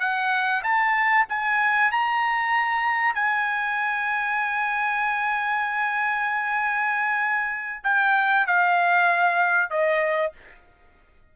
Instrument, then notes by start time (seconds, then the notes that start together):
trumpet
0.00 F#5
0.63 A5
1.29 G#5
1.91 A#5
3.15 G#5
7.84 G5
8.47 F5
9.70 D#5